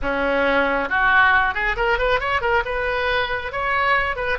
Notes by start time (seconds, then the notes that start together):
0.02 C#4
0.89 F#4
1.54 G#4
1.76 A#4
1.98 B4
2.19 C#5
2.41 A#4
2.65 B4
3.52 C#5
4.15 B4